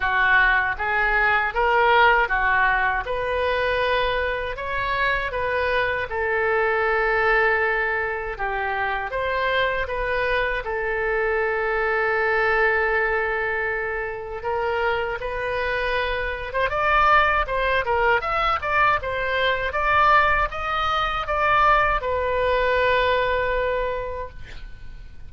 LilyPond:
\new Staff \with { instrumentName = "oboe" } { \time 4/4 \tempo 4 = 79 fis'4 gis'4 ais'4 fis'4 | b'2 cis''4 b'4 | a'2. g'4 | c''4 b'4 a'2~ |
a'2. ais'4 | b'4.~ b'16 c''16 d''4 c''8 ais'8 | e''8 d''8 c''4 d''4 dis''4 | d''4 b'2. | }